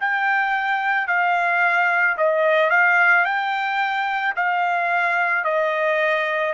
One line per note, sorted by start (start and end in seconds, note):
0.00 1.07 G5
1.07 2.16 F5
2.17 2.70 D#5
2.70 3.25 F5
3.25 4.34 G5
4.35 5.44 F5
5.44 6.53 D#5